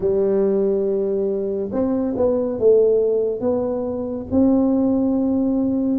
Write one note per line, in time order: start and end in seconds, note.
0.00 1.70 G3
1.71 2.14 C4
2.16 2.59 B3
2.59 3.40 A3
3.40 4.26 B3
4.31 5.98 C4